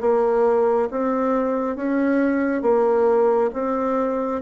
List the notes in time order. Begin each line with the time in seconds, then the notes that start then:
0.00 A#3
0.90 C4
1.76 C#4
2.62 A#3
3.53 C4